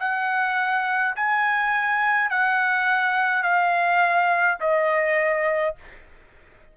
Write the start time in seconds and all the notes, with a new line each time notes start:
0.00 F#5
1.16 G#5
2.30 F#5
3.43 F5
4.60 D#5